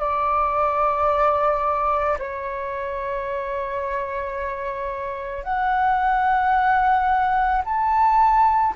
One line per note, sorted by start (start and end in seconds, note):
0.00 2.18 D5
2.19 5.44 C#5
5.44 7.62 F#5
7.65 8.74 A5